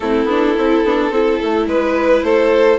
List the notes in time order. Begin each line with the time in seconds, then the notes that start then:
0.00 A3 C4 E4 A4
0.25 B3 D4
0.57 C4 E4
0.83 B3 D4
1.11 C4 E4 A4
1.43 A3
1.67 G#3 B4
2.22 A3 A4 C5